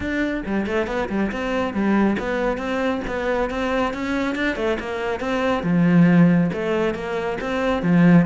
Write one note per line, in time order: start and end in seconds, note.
0.00 0.42 D4
0.45 0.66 G3
0.66 0.87 A3
0.87 1.08 B3
1.09 1.31 G3
1.31 1.73 C4
1.73 2.17 G3
2.19 2.57 B3
2.57 3.01 C4
3.07 3.50 B3
3.50 3.93 C4
3.93 4.35 C#4
4.35 4.56 D4
4.56 4.77 A3
4.79 5.20 A#3
5.20 5.63 C4
5.63 6.50 F3
6.53 6.94 A3
6.94 7.38 A#3
7.40 7.82 C4
7.82 8.26 F3